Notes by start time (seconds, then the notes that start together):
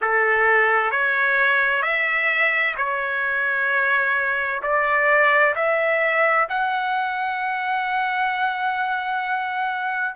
0.01 A4
0.91 C#5
1.82 E5
2.77 C#5
4.62 D5
5.55 E5
6.49 F#5